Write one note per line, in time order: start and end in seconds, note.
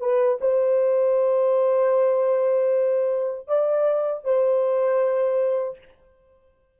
0.00 0.38 B4
0.41 3.48 C5
3.48 4.24 D5
4.24 5.78 C5